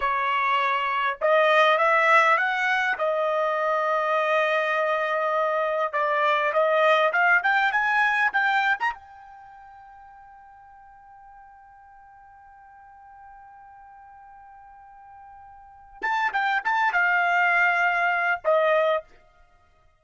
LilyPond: \new Staff \with { instrumentName = "trumpet" } { \time 4/4 \tempo 4 = 101 cis''2 dis''4 e''4 | fis''4 dis''2.~ | dis''2 d''4 dis''4 | f''8 g''8 gis''4 g''8. ais''16 g''4~ |
g''1~ | g''1~ | g''2. a''8 g''8 | a''8 f''2~ f''8 dis''4 | }